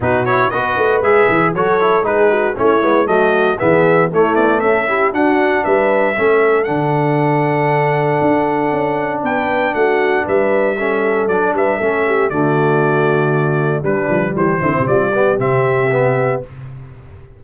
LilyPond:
<<
  \new Staff \with { instrumentName = "trumpet" } { \time 4/4 \tempo 4 = 117 b'8 cis''8 dis''4 e''4 cis''4 | b'4 cis''4 dis''4 e''4 | cis''8 d''8 e''4 fis''4 e''4~ | e''4 fis''2.~ |
fis''2 g''4 fis''4 | e''2 d''8 e''4. | d''2. b'4 | c''4 d''4 e''2 | }
  \new Staff \with { instrumentName = "horn" } { \time 4/4 fis'4 b'2 a'4 | gis'8 fis'8 e'4 fis'4 gis'4 | e'4 a'8 g'8 fis'4 b'4 | a'1~ |
a'2 b'4 fis'4 | b'4 a'4. b'8 a'8 g'8 | fis'2. d'4 | g'8 e'8 f'8 g'2~ g'8 | }
  \new Staff \with { instrumentName = "trombone" } { \time 4/4 dis'8 e'8 fis'4 gis'4 fis'8 e'8 | dis'4 cis'8 b8 a4 b4 | a4. e'8 d'2 | cis'4 d'2.~ |
d'1~ | d'4 cis'4 d'4 cis'4 | a2. g4~ | g8 c'4 b8 c'4 b4 | }
  \new Staff \with { instrumentName = "tuba" } { \time 4/4 b,4 b8 a8 gis8 e8 fis4 | gis4 a8 gis8 fis4 e4 | a8 b8 cis'4 d'4 g4 | a4 d2. |
d'4 cis'4 b4 a4 | g2 fis8 g8 a4 | d2. g8 f8 | e8 d16 c16 g4 c2 | }
>>